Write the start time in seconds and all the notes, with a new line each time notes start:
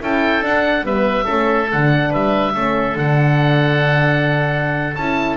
0.00 C#4 E4 A4 G5
0.41 D4 F#5
0.82 G3 B3 B4 E5
1.24 C#4 A4
1.30 A3
1.71 D3 D4 F#5
2.10 G3 B4 E5
2.54 A3 C#4 A4
2.95 D3 D4 F#5
4.95 C#4 E4 A5